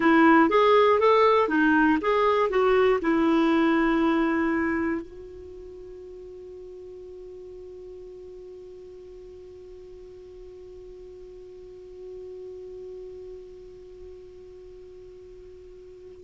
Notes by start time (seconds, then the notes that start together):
0.00 E4
0.50 G#4
1.00 A4
1.48 D#4
2.00 G#4
2.50 F#4
3.01 E4
5.01 F#4